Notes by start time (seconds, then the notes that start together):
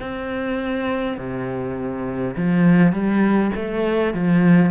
0.00 C4
1.18 C3
2.36 F3
2.93 G3
3.55 A3
4.13 F3